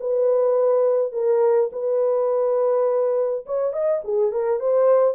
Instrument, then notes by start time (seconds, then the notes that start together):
horn
0.00 B4
1.12 A#4
1.72 B4
3.46 C#5
3.73 D#5
4.04 G#4
4.32 A#4
4.60 C5